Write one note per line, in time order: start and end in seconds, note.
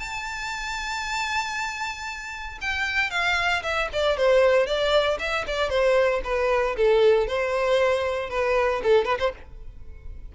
0.00 2.59 A5
2.61 3.11 G5
3.11 3.63 F5
3.63 3.89 E5
3.93 4.18 D5
4.18 4.67 C5
4.67 5.18 D5
5.19 5.45 E5
5.48 5.70 D5
5.70 6.22 C5
6.24 6.76 B4
6.77 7.27 A4
7.27 8.30 C5
8.30 8.82 B4
8.83 9.05 A4
9.05 9.18 B4
9.20 9.32 C5